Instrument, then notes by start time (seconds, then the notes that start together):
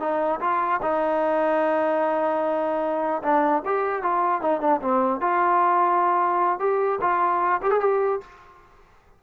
trombone
0.00 D#4
0.41 F4
0.82 D#4
3.23 D4
3.65 G4
4.03 F4
4.41 D#4
4.61 D4
4.81 C4
5.21 F4
6.59 G4
7.01 F4
7.63 G4
7.71 G#4
7.81 G4